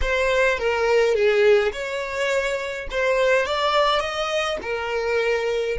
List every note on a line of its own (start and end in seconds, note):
0.01 0.58 C5
0.58 1.14 A#4
1.14 1.72 G#4
1.72 2.87 C#5
2.90 3.46 C5
3.46 4.00 D5
4.00 4.57 D#5
4.62 5.77 A#4